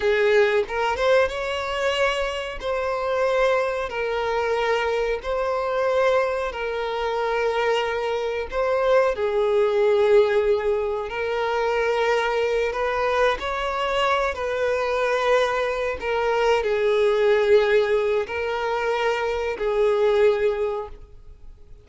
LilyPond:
\new Staff \with { instrumentName = "violin" } { \time 4/4 \tempo 4 = 92 gis'4 ais'8 c''8 cis''2 | c''2 ais'2 | c''2 ais'2~ | ais'4 c''4 gis'2~ |
gis'4 ais'2~ ais'8 b'8~ | b'8 cis''4. b'2~ | b'8 ais'4 gis'2~ gis'8 | ais'2 gis'2 | }